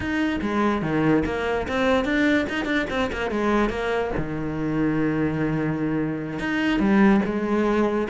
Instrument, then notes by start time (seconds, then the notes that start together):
cello
0.00 D#4
0.41 G#3
0.82 D#3
1.25 A#3
1.68 C4
2.04 D4
2.49 D#4
2.65 D4
2.90 C4
3.12 A#3
3.30 G#3
3.69 A#3
4.17 D#3
6.39 D#4
6.79 G3
7.25 G#3